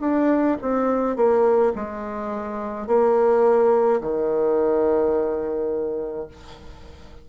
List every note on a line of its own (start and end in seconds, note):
0.00 0.57 D4
0.61 1.16 C4
1.16 1.72 A#3
1.75 2.87 G#3
2.87 4.00 A#3
4.00 6.27 D#3